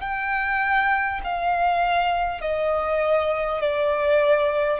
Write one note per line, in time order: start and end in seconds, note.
0.00 1.20 G5
1.24 2.41 F5
2.41 3.61 D#5
3.61 4.80 D5